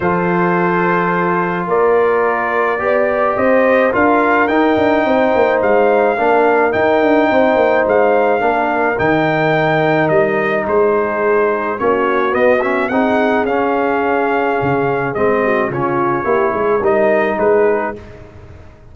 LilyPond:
<<
  \new Staff \with { instrumentName = "trumpet" } { \time 4/4 \tempo 4 = 107 c''2. d''4~ | d''2 dis''4 f''4 | g''2 f''2 | g''2 f''2 |
g''2 dis''4 c''4~ | c''4 cis''4 dis''8 e''8 fis''4 | f''2. dis''4 | cis''2 dis''4 b'4 | }
  \new Staff \with { instrumentName = "horn" } { \time 4/4 a'2. ais'4~ | ais'4 d''4 c''4 ais'4~ | ais'4 c''2 ais'4~ | ais'4 c''2 ais'4~ |
ais'2. gis'4~ | gis'4 fis'2 gis'4~ | gis'2.~ gis'8 fis'8 | f'4 g'8 gis'8 ais'4 gis'4 | }
  \new Staff \with { instrumentName = "trombone" } { \time 4/4 f'1~ | f'4 g'2 f'4 | dis'2. d'4 | dis'2. d'4 |
dis'1~ | dis'4 cis'4 b8 cis'8 dis'4 | cis'2. c'4 | cis'4 e'4 dis'2 | }
  \new Staff \with { instrumentName = "tuba" } { \time 4/4 f2. ais4~ | ais4 b4 c'4 d'4 | dis'8 d'8 c'8 ais8 gis4 ais4 | dis'8 d'8 c'8 ais8 gis4 ais4 |
dis2 g4 gis4~ | gis4 ais4 b4 c'4 | cis'2 cis4 gis4 | cis4 ais8 gis8 g4 gis4 | }
>>